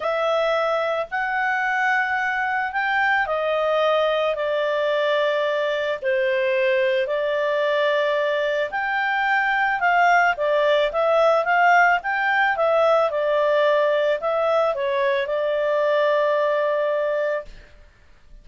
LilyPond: \new Staff \with { instrumentName = "clarinet" } { \time 4/4 \tempo 4 = 110 e''2 fis''2~ | fis''4 g''4 dis''2 | d''2. c''4~ | c''4 d''2. |
g''2 f''4 d''4 | e''4 f''4 g''4 e''4 | d''2 e''4 cis''4 | d''1 | }